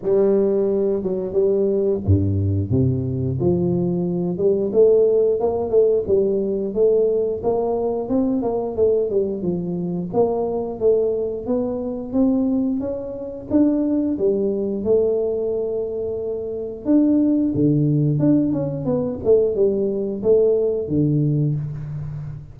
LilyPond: \new Staff \with { instrumentName = "tuba" } { \time 4/4 \tempo 4 = 89 g4. fis8 g4 g,4 | c4 f4. g8 a4 | ais8 a8 g4 a4 ais4 | c'8 ais8 a8 g8 f4 ais4 |
a4 b4 c'4 cis'4 | d'4 g4 a2~ | a4 d'4 d4 d'8 cis'8 | b8 a8 g4 a4 d4 | }